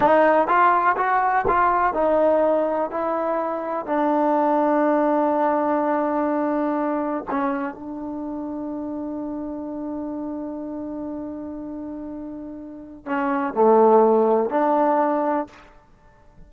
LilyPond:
\new Staff \with { instrumentName = "trombone" } { \time 4/4 \tempo 4 = 124 dis'4 f'4 fis'4 f'4 | dis'2 e'2 | d'1~ | d'2. cis'4 |
d'1~ | d'1~ | d'2. cis'4 | a2 d'2 | }